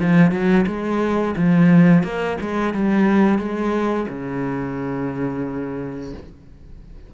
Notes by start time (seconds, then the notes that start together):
0.00 F3
0.32 F#3
0.67 G#3
1.37 F3
2.04 A#3
2.41 G#3
2.74 G3
3.39 G#3
4.09 C#3